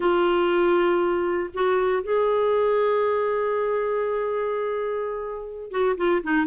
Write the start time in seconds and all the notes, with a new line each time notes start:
0.00 F4
1.54 F#4
2.03 G#4
5.71 F#4
5.97 F4
6.23 D#4